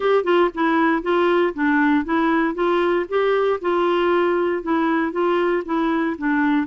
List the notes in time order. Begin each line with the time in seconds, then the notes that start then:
0.00 G4
0.24 F4
0.54 E4
1.02 F4
1.54 D4
2.05 E4
2.54 F4
3.08 G4
3.61 F4
4.62 E4
5.11 F4
5.65 E4
6.17 D4